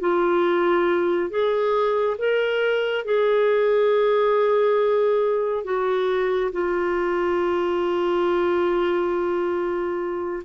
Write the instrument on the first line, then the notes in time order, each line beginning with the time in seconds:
clarinet
0.00 F4
1.30 G#4
2.18 A#4
3.04 G#4
5.64 F#4
6.52 F4